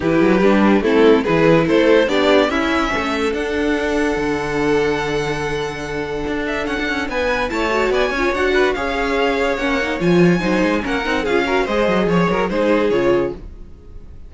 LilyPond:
<<
  \new Staff \with { instrumentName = "violin" } { \time 4/4 \tempo 4 = 144 b'2 a'4 b'4 | c''4 d''4 e''2 | fis''1~ | fis''2.~ fis''8 e''8 |
fis''4 gis''4 a''4 gis''4 | fis''4 f''2 fis''4 | gis''2 fis''4 f''4 | dis''4 cis''8 ais'8 c''4 cis''4 | }
  \new Staff \with { instrumentName = "violin" } { \time 4/4 g'2 e'4 gis'4 | a'4 g'4 e'4 a'4~ | a'1~ | a'1~ |
a'4 b'4 cis''4 d''8 cis''8~ | cis''8 b'8 cis''2.~ | cis''4 c''4 ais'4 gis'8 ais'8 | c''4 cis''4 gis'2 | }
  \new Staff \with { instrumentName = "viola" } { \time 4/4 e'4 d'4 c'4 e'4~ | e'4 d'4 cis'2 | d'1~ | d'1~ |
d'2 e'8 fis'4 f'8 | fis'4 gis'2 cis'8 dis'8 | f'4 dis'4 cis'8 dis'8 f'8 fis'8 | gis'2 dis'4 f'4 | }
  \new Staff \with { instrumentName = "cello" } { \time 4/4 e8 fis8 g4 a4 e4 | a4 b4 cis'4 a4 | d'2 d2~ | d2. d'4 |
cis'16 d'16 cis'8 b4 a4 b8 cis'8 | d'4 cis'2 ais4 | f4 fis8 gis8 ais8 c'8 cis'4 | gis8 fis8 f8 fis8 gis4 cis4 | }
>>